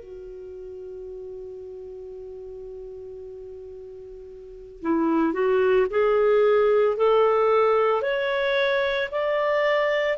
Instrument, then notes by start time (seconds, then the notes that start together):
clarinet
0.00 F#4
4.82 E4
5.33 F#4
5.91 G#4
6.97 A4
8.02 C#5
9.12 D5